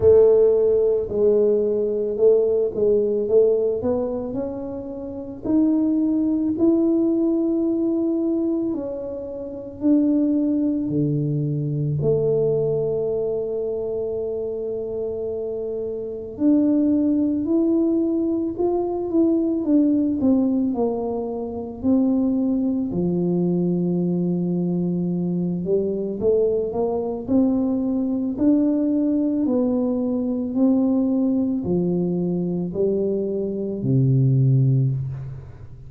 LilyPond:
\new Staff \with { instrumentName = "tuba" } { \time 4/4 \tempo 4 = 55 a4 gis4 a8 gis8 a8 b8 | cis'4 dis'4 e'2 | cis'4 d'4 d4 a4~ | a2. d'4 |
e'4 f'8 e'8 d'8 c'8 ais4 | c'4 f2~ f8 g8 | a8 ais8 c'4 d'4 b4 | c'4 f4 g4 c4 | }